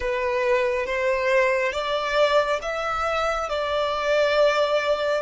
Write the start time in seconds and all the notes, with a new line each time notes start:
0.00 B4
0.86 C5
1.72 D5
2.62 E5
3.49 D5